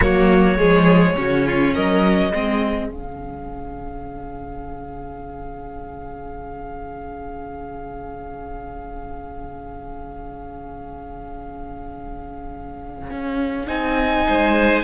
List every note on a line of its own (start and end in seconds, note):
0.00 0.58 F#3
0.00 0.58 A#3
0.00 0.58 F#4
0.00 1.73 C#5
0.58 1.16 F3
0.58 1.16 G#3
0.58 1.16 G#4
1.16 1.75 C#3
1.16 2.32 C#4
1.16 1.46 F#4
1.46 1.74 F4
1.74 2.32 F#3
1.74 2.31 A#4
1.74 2.91 D#5
2.31 2.89 G#3
2.31 2.90 C4
2.31 14.25 G#4
2.89 13.09 C#3
2.89 13.66 C#4
2.89 13.68 F5
13.10 13.68 C#4
13.66 14.26 C4
13.66 14.83 D#4
13.66 14.84 G#5
14.26 14.84 G#3
14.26 14.84 C5